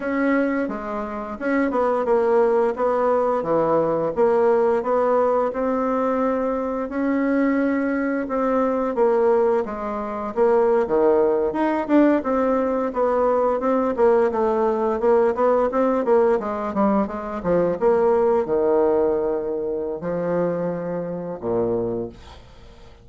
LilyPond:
\new Staff \with { instrumentName = "bassoon" } { \time 4/4 \tempo 4 = 87 cis'4 gis4 cis'8 b8 ais4 | b4 e4 ais4 b4 | c'2 cis'2 | c'4 ais4 gis4 ais8. dis16~ |
dis8. dis'8 d'8 c'4 b4 c'16~ | c'16 ais8 a4 ais8 b8 c'8 ais8 gis16~ | gis16 g8 gis8 f8 ais4 dis4~ dis16~ | dis4 f2 ais,4 | }